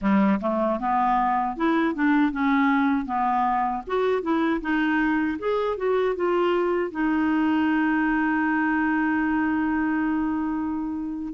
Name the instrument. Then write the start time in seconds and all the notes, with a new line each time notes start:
clarinet
0.01 G3
0.41 A3
0.79 B3
1.56 E4
1.94 D4
2.31 C#4
3.05 B3
3.86 F#4
4.22 E4
4.61 D#4
5.38 G#4
5.77 F#4
6.15 F4
6.91 D#4